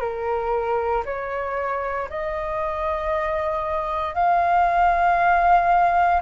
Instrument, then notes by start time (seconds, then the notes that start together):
flute
0.00 A#4
1.05 C#5
2.10 D#5
4.14 F5